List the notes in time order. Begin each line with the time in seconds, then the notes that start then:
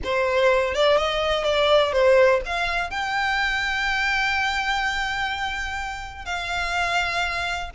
0.04 C5
0.74 D5
0.97 D#5
1.44 D5
1.92 C5
2.45 F5
2.90 G5
6.25 F5